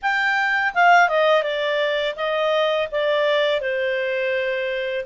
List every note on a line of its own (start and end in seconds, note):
0.02 0.74 G5
0.74 1.08 F5
1.08 1.43 D#5
1.43 2.15 D5
2.16 2.88 D#5
2.91 3.60 D5
3.60 5.05 C5